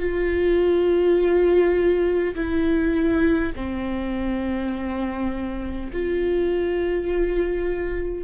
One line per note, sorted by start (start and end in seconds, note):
0.00 2.35 F4
2.36 3.53 E4
3.56 5.91 C4
5.93 8.25 F4